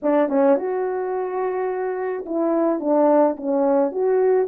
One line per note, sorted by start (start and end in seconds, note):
0.02 0.29 D4
0.29 0.56 C#4
0.56 2.24 F#4
2.25 2.79 E4
2.79 3.35 D4
3.36 3.91 C#4
3.91 4.47 F#4